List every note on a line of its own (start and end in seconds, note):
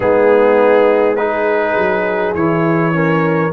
0.00 1.76 G#3
0.00 1.16 B3
0.00 1.18 D#4
0.00 1.15 G#4
1.15 2.35 D#4
1.15 2.95 G#4
1.15 2.33 B4
1.77 2.34 F#3
2.34 3.51 E3
2.34 2.92 E4
2.34 3.52 C#5
2.92 3.51 C#4
2.92 3.53 A#4